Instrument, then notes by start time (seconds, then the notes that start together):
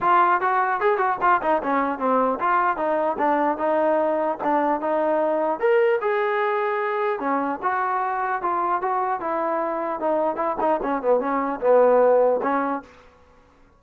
trombone
0.01 F4
0.40 F#4
0.80 G#4
0.97 F#4
1.21 F4
1.42 D#4
1.62 C#4
1.99 C4
2.39 F4
2.76 D#4
3.18 D4
3.57 D#4
4.43 D4
4.80 D#4
5.59 A#4
6.01 G#4
7.19 C#4
7.62 F#4
8.41 F4
8.81 F#4
9.20 E4
9.99 D#4
10.35 E4
10.60 D#4
10.82 C#4
11.01 B3
11.20 C#4
11.60 B3
12.42 C#4